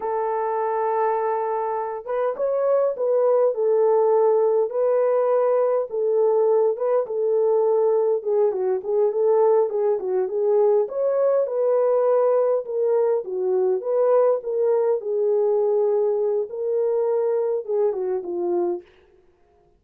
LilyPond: \new Staff \with { instrumentName = "horn" } { \time 4/4 \tempo 4 = 102 a'2.~ a'8 b'8 | cis''4 b'4 a'2 | b'2 a'4. b'8 | a'2 gis'8 fis'8 gis'8 a'8~ |
a'8 gis'8 fis'8 gis'4 cis''4 b'8~ | b'4. ais'4 fis'4 b'8~ | b'8 ais'4 gis'2~ gis'8 | ais'2 gis'8 fis'8 f'4 | }